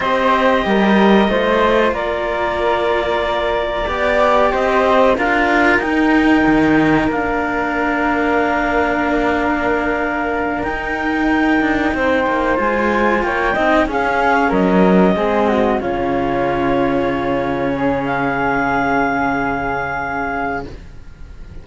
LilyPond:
<<
  \new Staff \with { instrumentName = "clarinet" } { \time 4/4 \tempo 4 = 93 dis''2. d''4~ | d''2. dis''4 | f''4 g''2 f''4~ | f''1~ |
f''8 g''2. gis''8~ | gis''8 g''4 f''4 dis''4.~ | dis''8 cis''2.~ cis''8 | f''1 | }
  \new Staff \with { instrumentName = "flute" } { \time 4/4 c''4 ais'4 c''4 ais'4~ | ais'2 d''4 c''4 | ais'1~ | ais'1~ |
ais'2~ ais'8 c''4.~ | c''8 cis''8 dis''8 gis'4 ais'4 gis'8 | fis'8 f'2. gis'8~ | gis'1 | }
  \new Staff \with { instrumentName = "cello" } { \time 4/4 g'2 f'2~ | f'2 g'2 | f'4 dis'2 d'4~ | d'1~ |
d'8 dis'2. f'8~ | f'4 dis'8 cis'2 c'8~ | c'8 cis'2.~ cis'8~ | cis'1 | }
  \new Staff \with { instrumentName = "cello" } { \time 4/4 c'4 g4 a4 ais4~ | ais2 b4 c'4 | d'4 dis'4 dis4 ais4~ | ais1~ |
ais8 dis'4. d'8 c'8 ais8 gis8~ | gis8 ais8 c'8 cis'4 fis4 gis8~ | gis8 cis2.~ cis8~ | cis1 | }
>>